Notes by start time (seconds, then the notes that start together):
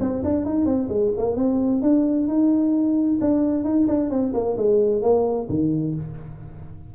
0.00 C4
0.24 D4
0.46 D#4
0.66 C4
0.89 G#3
1.17 A#3
1.36 C4
1.82 D4
2.28 D#4
3.21 D4
3.64 D#4
3.88 D4
4.10 C4
4.34 A#3
4.57 G#3
5.02 A#3
5.49 D#3